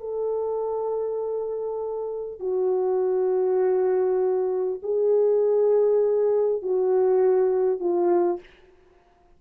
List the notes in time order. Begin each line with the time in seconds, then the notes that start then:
0.00 A4
2.40 F#4
4.83 G#4
6.63 F#4
7.80 F4